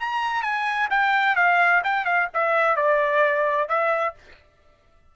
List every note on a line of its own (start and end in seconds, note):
0.00 0.43 A#5
0.43 0.89 G#5
0.91 1.36 G5
1.36 1.82 F5
1.84 2.05 G5
2.05 2.28 F5
2.34 2.77 E5
2.77 3.69 D5
3.69 4.15 E5